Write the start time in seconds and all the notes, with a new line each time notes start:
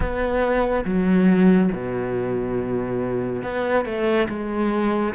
0.00 B3
0.85 F#3
1.72 B2
3.42 B3
3.85 A3
4.29 G#3